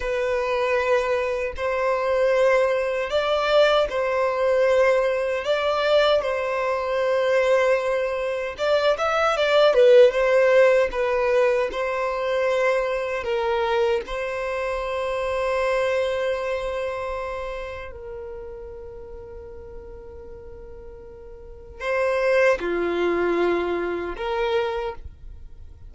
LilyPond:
\new Staff \with { instrumentName = "violin" } { \time 4/4 \tempo 4 = 77 b'2 c''2 | d''4 c''2 d''4 | c''2. d''8 e''8 | d''8 b'8 c''4 b'4 c''4~ |
c''4 ais'4 c''2~ | c''2. ais'4~ | ais'1 | c''4 f'2 ais'4 | }